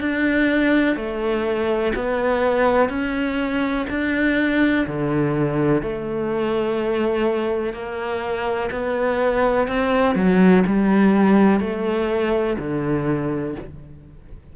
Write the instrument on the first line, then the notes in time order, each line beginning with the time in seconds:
cello
0.00 D4
0.95 A3
1.95 B3
2.89 C#4
3.89 D4
4.87 D3
5.82 A3
7.73 A#3
8.71 B3
9.67 C4
10.15 F#3
10.66 G3
11.60 A3
12.58 D3